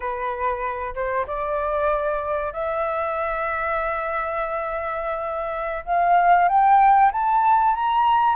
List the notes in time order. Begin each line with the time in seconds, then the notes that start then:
0.00 B4
0.94 C5
1.27 D5
2.53 E5
5.85 F5
6.48 G5
7.11 A5
7.75 A#5